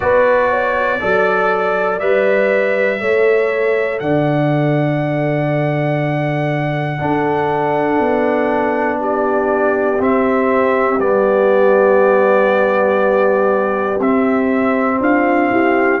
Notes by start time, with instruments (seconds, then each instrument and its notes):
0.00 tuba B3, trombone F#4, horn B4, trumpet D5
0.49 horn C#5
1.00 tuba F#3, trombone A4, horn D5
1.99 tuba G3, trombone B4, trumpet E5
2.98 tuba A3, trombone A4, horn C#5
3.99 tuba D3, horn D5, trumpet F#5
6.98 trombone D4, tuba D4, horn A4
7.99 tuba B3
8.99 horn G4, trumpet D5
9.99 trombone C4, tuba C4, trumpet E5
10.99 tuba G3, trombone B3, trumpet D5
13.99 tuba C4, trombone C4, trumpet E5
15.00 tuba D4, horn F4, trumpet F5
15.50 tuba E4, horn G4